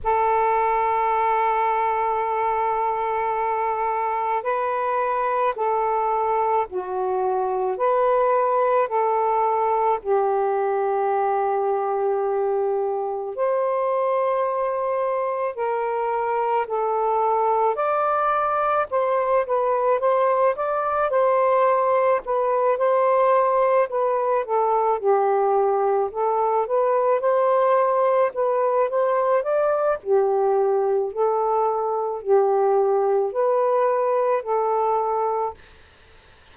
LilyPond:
\new Staff \with { instrumentName = "saxophone" } { \time 4/4 \tempo 4 = 54 a'1 | b'4 a'4 fis'4 b'4 | a'4 g'2. | c''2 ais'4 a'4 |
d''4 c''8 b'8 c''8 d''8 c''4 | b'8 c''4 b'8 a'8 g'4 a'8 | b'8 c''4 b'8 c''8 d''8 g'4 | a'4 g'4 b'4 a'4 | }